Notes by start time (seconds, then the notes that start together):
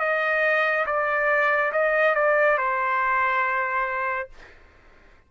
0.00 D#5
0.86 D5
1.73 D#5
2.15 D5
2.58 C5